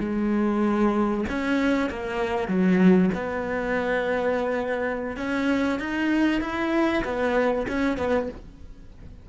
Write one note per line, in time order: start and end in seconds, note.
0.00 1.25 G#3
1.29 1.90 C#4
1.90 2.48 A#3
2.48 3.11 F#3
3.14 5.17 B3
5.17 5.80 C#4
5.80 6.41 D#4
6.41 7.04 E4
7.05 7.67 B3
7.68 7.97 C#4
7.97 8.29 B3